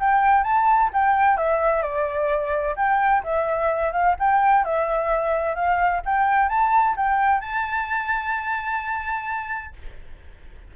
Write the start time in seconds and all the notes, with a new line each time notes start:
0.00 G5
0.44 A5
0.94 G5
1.38 E5
1.83 D5
2.77 G5
3.24 E5
3.93 F5
4.20 G5
4.65 E5
5.55 F5
6.05 G5
6.49 A5
6.97 G5
7.41 A5